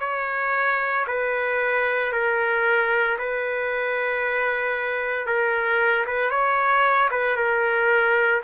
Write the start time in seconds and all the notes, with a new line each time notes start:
0.00 C#5
1.07 B4
2.12 A#4
3.18 B4
5.26 A#4
6.06 B4
6.30 C#5
7.11 B4
7.36 A#4